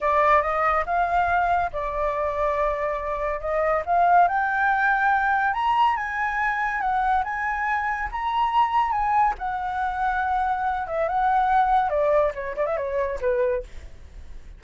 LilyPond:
\new Staff \with { instrumentName = "flute" } { \time 4/4 \tempo 4 = 141 d''4 dis''4 f''2 | d''1 | dis''4 f''4 g''2~ | g''4 ais''4 gis''2 |
fis''4 gis''2 ais''4~ | ais''4 gis''4 fis''2~ | fis''4. e''8 fis''2 | d''4 cis''8 d''16 e''16 cis''4 b'4 | }